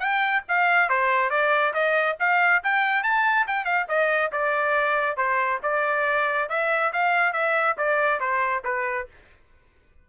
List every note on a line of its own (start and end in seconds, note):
0.00 0.43 G5
0.49 0.90 F5
0.90 1.30 C5
1.30 1.74 D5
1.74 2.17 D#5
2.20 2.63 F5
2.64 3.04 G5
3.04 3.47 A5
3.48 3.65 G5
3.65 3.87 F5
3.89 4.32 D#5
4.32 5.17 D5
5.17 5.61 C5
5.64 6.50 D5
6.50 6.93 E5
6.93 7.33 F5
7.33 7.77 E5
7.78 8.20 D5
8.20 8.64 C5
8.65 9.08 B4